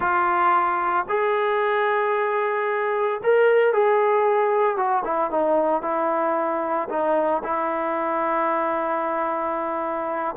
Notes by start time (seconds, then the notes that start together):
0.00 F4
1.08 G#4
3.23 A#4
3.73 G#4
4.76 F#4
5.04 E4
5.30 D#4
5.82 E4
6.89 D#4
7.43 E4